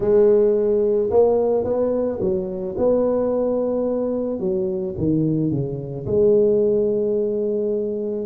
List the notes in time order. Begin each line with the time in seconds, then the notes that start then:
0.00 G#3
1.10 A#3
1.64 B3
2.20 F#3
2.77 B3
4.39 F#3
4.97 D#3
5.50 C#3
6.06 G#3